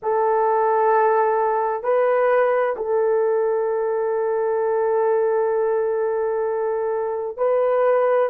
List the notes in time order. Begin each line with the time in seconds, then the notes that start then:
0.02 A4
1.83 B4
2.76 A4
7.37 B4